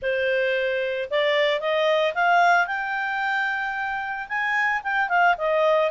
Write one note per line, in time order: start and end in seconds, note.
0.02 1.09 C5
1.10 1.60 D5
1.60 2.13 D#5
2.14 2.66 F5
2.66 4.27 G5
4.28 4.82 G#5
4.83 5.08 G5
5.08 5.35 F5
5.37 5.91 D#5